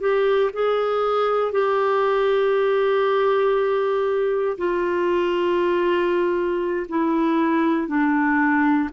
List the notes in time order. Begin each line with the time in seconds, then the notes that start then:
0.00 G4
0.53 G#4
1.52 G4
4.58 F4
6.89 E4
7.88 D4